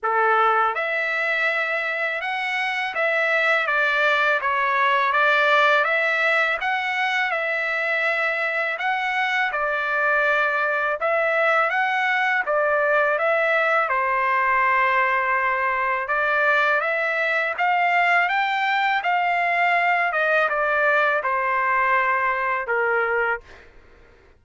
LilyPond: \new Staff \with { instrumentName = "trumpet" } { \time 4/4 \tempo 4 = 82 a'4 e''2 fis''4 | e''4 d''4 cis''4 d''4 | e''4 fis''4 e''2 | fis''4 d''2 e''4 |
fis''4 d''4 e''4 c''4~ | c''2 d''4 e''4 | f''4 g''4 f''4. dis''8 | d''4 c''2 ais'4 | }